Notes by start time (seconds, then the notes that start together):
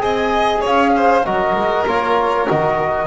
0.00 C4 G#4 D#5 G#5
0.61 C#4 C#5 F5
0.96 C5
1.25 F#3 F#4 A#4 D#5
1.55 G#3
1.87 A#3 F4 C#5
2.47 D#3 F#4 D#5